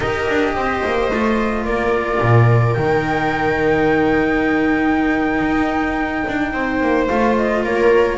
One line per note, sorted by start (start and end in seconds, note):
0.00 0.27 D#4
0.00 1.11 G4
0.00 0.54 A#4
0.00 1.65 D#5
0.28 0.55 D4
0.55 0.83 C4
0.55 1.65 C5
0.85 1.10 A#3
1.10 1.65 A3
1.10 2.77 F4
1.65 2.20 A#3
1.65 6.51 A#4
1.65 2.74 D5
2.21 2.76 A#2
2.74 5.41 D#3
2.74 7.08 D#4
2.74 7.04 G5
5.41 6.24 D#4
6.27 6.53 D4
6.53 6.80 C4
6.53 7.64 C5
6.80 7.08 A#3
7.07 7.64 A3
7.07 8.17 F4
7.07 7.35 F5
7.36 7.63 D#5
7.64 8.17 A#3
7.64 8.17 A#4
7.64 8.17 C#5